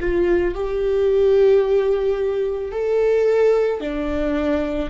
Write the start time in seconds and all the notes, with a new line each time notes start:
0.00 F4
0.55 G4
2.72 A4
3.80 D4